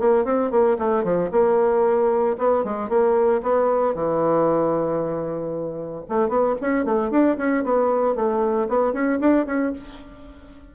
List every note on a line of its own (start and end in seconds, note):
0.00 0.25 A#3
0.25 0.51 C4
0.51 0.78 A#3
0.79 1.04 A3
1.04 1.30 F3
1.32 2.37 A#3
2.39 2.64 B3
2.64 2.89 G#3
2.89 3.42 A#3
3.43 3.95 B3
3.95 6.06 E3
6.09 6.29 A3
6.29 6.55 B3
6.61 6.85 C#4
6.85 7.11 A3
7.11 7.37 D4
7.38 7.64 C#4
7.64 8.16 B3
8.16 8.68 A3
8.69 8.93 B3
8.93 9.20 C#4
9.20 9.47 D4
9.47 9.73 C#4